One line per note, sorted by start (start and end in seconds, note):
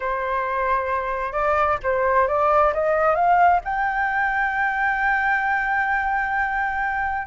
0.00 1.32 C5
1.32 1.77 D5
1.83 2.27 C5
2.27 2.73 D5
2.73 3.15 D#5
3.15 3.60 F5
3.64 7.27 G5